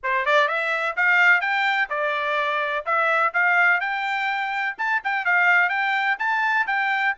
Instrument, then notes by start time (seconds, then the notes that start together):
trumpet
0.03 C5
0.25 D5
0.48 E5
0.96 F5
1.40 G5
1.89 D5
2.85 E5
3.33 F5
3.80 G5
4.78 A5
5.03 G5
5.25 F5
5.69 G5
6.18 A5
6.66 G5